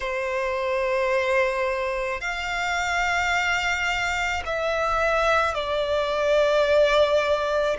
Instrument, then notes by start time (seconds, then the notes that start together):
violin
0.00 C5
2.20 F5
4.45 E5
5.54 D5